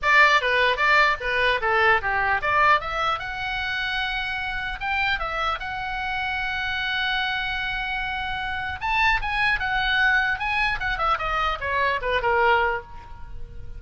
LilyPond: \new Staff \with { instrumentName = "oboe" } { \time 4/4 \tempo 4 = 150 d''4 b'4 d''4 b'4 | a'4 g'4 d''4 e''4 | fis''1 | g''4 e''4 fis''2~ |
fis''1~ | fis''2 a''4 gis''4 | fis''2 gis''4 fis''8 e''8 | dis''4 cis''4 b'8 ais'4. | }